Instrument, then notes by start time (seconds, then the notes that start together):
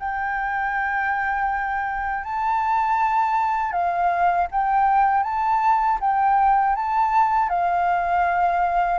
flute
0.00 G5
2.24 A5
3.72 F5
4.51 G5
5.24 A5
6.01 G5
6.76 A5
7.50 F5